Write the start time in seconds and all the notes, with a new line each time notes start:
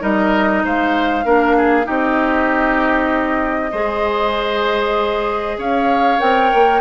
0.00 G3 D#4 A#4 D#5
0.65 G#3 C5 F5
1.25 A#3 D4 A#4
1.57 G#4
1.84 C4 D#4 G4 D#5
3.72 G#3 G#4 C5
5.58 C#4 C#5 F5
6.19 C4 A#4 G5
6.54 A#3